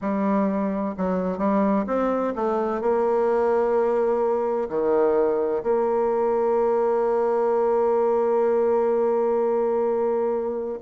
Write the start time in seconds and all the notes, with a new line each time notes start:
0.01 G3
0.97 F#3
1.38 G3
1.86 C4
2.35 A3
2.81 A#3
4.69 D#3
5.63 A#3